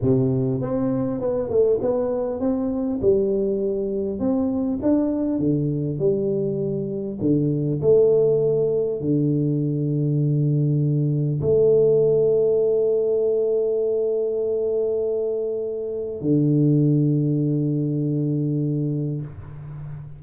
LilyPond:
\new Staff \with { instrumentName = "tuba" } { \time 4/4 \tempo 4 = 100 c4 c'4 b8 a8 b4 | c'4 g2 c'4 | d'4 d4 g2 | d4 a2 d4~ |
d2. a4~ | a1~ | a2. d4~ | d1 | }